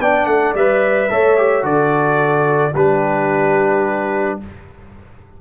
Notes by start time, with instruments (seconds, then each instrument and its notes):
0.00 tuba B3, trombone D4, horn D5, trumpet G5
0.26 tuba A3, trumpet F#5
0.55 tuba G3, trombone B4, trumpet E5
1.10 tuba A3, trombone A4, horn C#5
1.37 trombone G4
1.63 tuba D3, trombone F#4, horn A4, trumpet D5
2.74 tuba G3, trombone D4, horn G4, trumpet B4